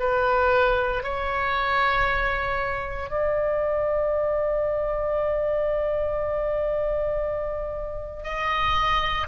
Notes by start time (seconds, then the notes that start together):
0.00 B4
1.03 C#5
3.10 D5
8.24 D#5